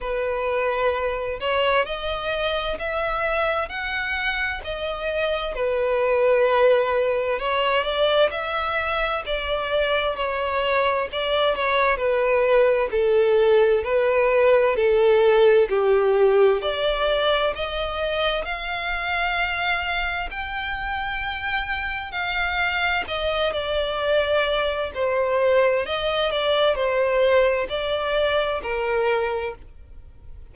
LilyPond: \new Staff \with { instrumentName = "violin" } { \time 4/4 \tempo 4 = 65 b'4. cis''8 dis''4 e''4 | fis''4 dis''4 b'2 | cis''8 d''8 e''4 d''4 cis''4 | d''8 cis''8 b'4 a'4 b'4 |
a'4 g'4 d''4 dis''4 | f''2 g''2 | f''4 dis''8 d''4. c''4 | dis''8 d''8 c''4 d''4 ais'4 | }